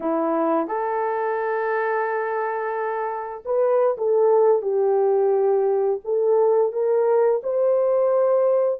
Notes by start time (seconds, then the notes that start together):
0.00 E4
0.67 A4
3.45 B4
3.97 A4
4.62 G4
6.04 A4
6.72 A#4
7.43 C5